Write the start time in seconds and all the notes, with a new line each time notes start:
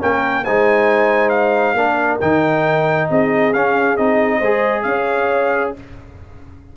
0.00 A#3 C#4 A#4 G5
0.44 G#3 D#4 C5 G#5
1.29 F5
1.74 A#3 D4 A#4
2.21 D#3 D#4 G5
3.10 C4 G#4 D#5
3.54 C#4 F5
3.97 C4 D#4 D#5
4.38 G#3 C5
4.44 G#4
4.83 C#4 C#5 F5